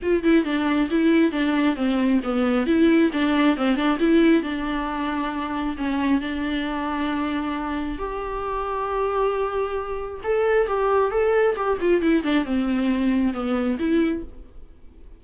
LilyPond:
\new Staff \with { instrumentName = "viola" } { \time 4/4 \tempo 4 = 135 f'8 e'8 d'4 e'4 d'4 | c'4 b4 e'4 d'4 | c'8 d'8 e'4 d'2~ | d'4 cis'4 d'2~ |
d'2 g'2~ | g'2. a'4 | g'4 a'4 g'8 f'8 e'8 d'8 | c'2 b4 e'4 | }